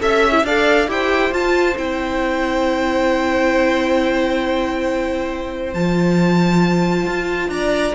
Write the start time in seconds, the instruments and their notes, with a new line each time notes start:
0.00 cello C#4, viola A4, violin E5
0.32 viola E4
0.44 cello D4, viola A4, violin D5 F5
0.87 cello E4, viola G4, violin C5 G5
1.31 viola F4, cello F4, violin A5
1.76 cello C4, viola E4, violin G5
5.74 cello F3, viola F4, violin A5
7.06 cello F4
7.49 cello D4, violin D5 A#5